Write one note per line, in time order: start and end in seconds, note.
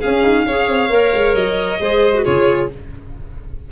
0.00 0.46 C#4
0.00 0.22 C#4
0.00 0.45 G#4
0.00 1.34 F5
0.22 0.45 D#4
0.45 0.68 C#4
0.45 0.89 G#4
0.45 1.80 C#5
0.68 0.90 C4
0.89 1.12 A#3
0.89 1.79 A#4
1.14 1.34 G#3
1.34 1.79 F#3
1.34 2.24 D#5
1.80 2.25 G#3
1.80 2.14 G#4
1.80 2.24 C5
2.14 2.24 F#4
2.24 2.71 C#3
2.24 2.69 F4
2.24 2.69 G#4
2.24 2.70 C#5